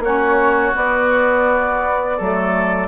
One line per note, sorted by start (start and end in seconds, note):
0.00 0.72 A#3
0.00 0.73 C#4
0.00 2.18 F#4
0.00 0.76 C#5
0.73 2.18 B3
0.73 2.21 B3
0.73 2.88 D5
2.18 2.88 F#3
2.18 2.88 A3
2.18 2.88 A4